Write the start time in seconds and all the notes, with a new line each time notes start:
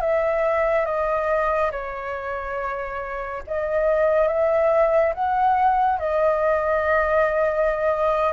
0.00 E5
0.85 D#5
1.71 C#5
3.47 D#5
4.27 E5
5.14 F#5
5.98 D#5